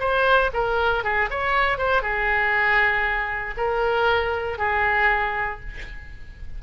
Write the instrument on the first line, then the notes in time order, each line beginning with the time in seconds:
oboe
0.00 C5
0.54 A#4
1.04 G#4
1.31 C#5
1.78 C5
2.02 G#4
3.58 A#4
4.59 G#4